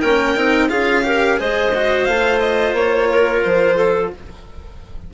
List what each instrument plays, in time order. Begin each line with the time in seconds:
0.00 bassoon A#3, cello C#4, clarinet A#4, violin G5
0.36 bassoon C4, cello D#4
0.69 bassoon C#4, cello F4, clarinet G#4, violin F5
1.03 cello G4, clarinet A#4
1.37 bassoon G#3, cello G#4, clarinet C5, violin D#5
1.75 cello F#4
2.05 bassoon A3, cello F4, violin F5
2.40 violin D#5
2.73 bassoon A#3, violin C#5
3.11 clarinet A#4
3.43 bassoon F3, violin C5
3.76 clarinet A4